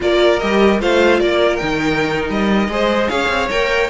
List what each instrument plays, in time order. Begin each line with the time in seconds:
0.00 cello A#3, viola F4, violin A#4 D5
0.39 cello G3, viola G4, violin D#5
0.80 cello A3, viola F4, violin C5 F5
1.19 cello A#3, violin A#4 D5
1.56 cello D#3, viola D#4, violin G5
2.29 cello G3, violin D#5
2.68 cello G#3, viola G#4, violin C5
3.09 cello C#4, violin C#5 F5
3.28 cello C4
3.50 cello A#3, viola A#4, violin G5